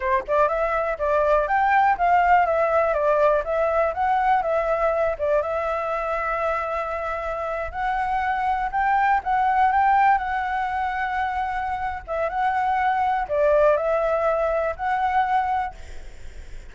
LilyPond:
\new Staff \with { instrumentName = "flute" } { \time 4/4 \tempo 4 = 122 c''8 d''8 e''4 d''4 g''4 | f''4 e''4 d''4 e''4 | fis''4 e''4. d''8 e''4~ | e''2.~ e''8. fis''16~ |
fis''4.~ fis''16 g''4 fis''4 g''16~ | g''8. fis''2.~ fis''16~ | fis''8 e''8 fis''2 d''4 | e''2 fis''2 | }